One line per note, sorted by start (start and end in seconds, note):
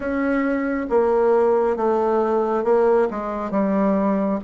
0.00 0.87 C#4
0.89 1.76 A#3
1.76 2.64 A3
2.64 3.08 A#3
3.10 3.51 G#3
3.51 4.39 G3